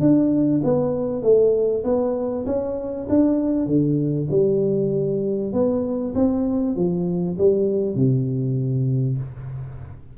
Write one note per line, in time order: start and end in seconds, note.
0.00 0.61 D4
0.64 1.22 B3
1.22 1.84 A3
1.84 2.45 B3
2.46 3.08 C#4
3.09 3.67 D4
3.67 4.28 D3
4.31 5.53 G3
5.53 6.14 B3
6.15 6.76 C4
6.76 7.37 F3
7.38 7.95 G3
7.95 9.18 C3